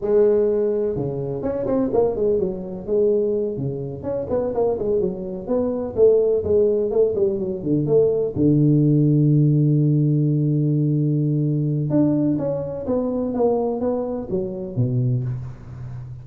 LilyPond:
\new Staff \with { instrumentName = "tuba" } { \time 4/4 \tempo 4 = 126 gis2 cis4 cis'8 c'8 | ais8 gis8 fis4 gis4. cis8~ | cis8 cis'8 b8 ais8 gis8 fis4 b8~ | b8 a4 gis4 a8 g8 fis8 |
d8 a4 d2~ d8~ | d1~ | d4 d'4 cis'4 b4 | ais4 b4 fis4 b,4 | }